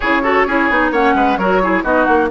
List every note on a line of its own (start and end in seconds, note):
0.00 0.46 C#3
0.00 0.23 E4
0.00 0.22 G#4
0.00 0.91 C#5
0.23 0.46 F#4
0.23 0.46 A4
0.46 0.69 C#4
0.46 0.70 E4
0.46 0.91 G#4
0.69 0.91 B3
0.69 0.93 D#4
0.91 1.14 A#3
0.91 1.39 C#4
0.91 1.14 C#5
0.91 1.37 F#5
1.14 1.37 G#3
1.14 1.38 B4
1.37 1.83 F#3
1.37 1.62 F#4
1.37 1.61 A#4
1.37 1.83 C#5
1.62 1.84 E4
1.62 1.83 G#4
1.83 2.06 B3
1.83 2.29 D#4
1.83 2.28 F#4
1.83 2.04 D#5
2.04 2.30 A#3
2.04 2.27 F#5